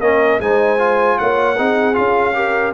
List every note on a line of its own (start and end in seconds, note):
0.00 0.39 A#3
0.00 0.41 C#4
0.00 0.40 A#4
0.00 0.40 D#5
0.40 1.18 G#3
0.40 0.78 D#4
0.40 1.19 C5
0.40 1.18 G#5
0.78 1.56 F4
1.18 1.59 A#3
1.18 1.57 C#5
1.18 1.94 F#5
1.57 1.98 C4
1.57 1.94 D#4
1.57 2.35 G#4
1.94 2.74 C#4
1.94 2.33 F4
1.94 2.72 F5
2.34 2.73 G4
2.34 2.74 A#4